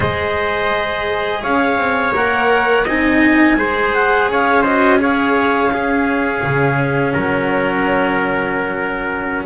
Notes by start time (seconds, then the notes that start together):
0.00 G#3 G#4 C5 D#5
1.42 C#4 C#5 F5
1.77 C4
2.14 A#3 A#4 F#5
2.84 C4 D#4 D#5 G#5
3.56 G#3 G#4 C5
3.94 F#5
4.27 C#4 C#5 F5
4.62 F#4 C5 D#5
4.98 G#4 C#5 F5
5.73 C#4 G#4
6.42 C#3
7.12 F#3 A#4 F#5